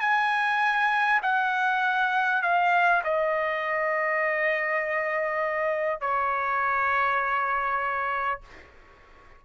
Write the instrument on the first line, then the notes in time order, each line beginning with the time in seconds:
trumpet
0.00 G#5
1.22 F#5
2.42 F5
3.04 D#5
6.01 C#5